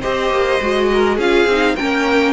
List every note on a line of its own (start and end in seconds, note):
0.00 0.30 C4
0.00 0.60 G4
0.00 0.87 C5
0.00 1.18 D#5
0.30 0.59 A#3
0.61 1.18 G#3
0.61 1.19 F#4
0.93 1.15 A#4
1.15 1.45 C#4
1.15 1.48 F4
1.15 1.74 G#4
1.15 1.75 F5
1.45 1.74 C4
1.45 1.78 D#4
1.75 2.32 A#3
1.75 2.32 C#4
1.75 2.32 A#4
1.75 2.32 G5